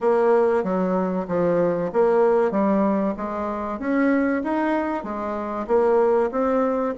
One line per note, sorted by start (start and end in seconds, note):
0.00 0.63 A#3
0.63 1.26 F#3
1.28 1.91 F3
1.93 2.51 A#3
2.51 3.14 G3
3.17 3.79 G#3
3.79 4.42 C#4
4.43 5.03 D#4
5.03 5.66 G#3
5.67 6.30 A#3
6.31 6.94 C4